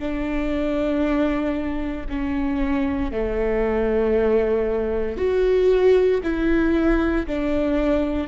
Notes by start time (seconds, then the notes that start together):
0.00 D4
2.10 C#4
3.12 A3
5.18 F#4
6.24 E4
7.27 D4